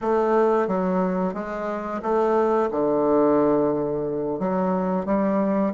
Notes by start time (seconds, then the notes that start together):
0.01 A3
0.67 F#3
1.34 G#3
2.02 A3
2.71 D3
4.39 F#3
5.05 G3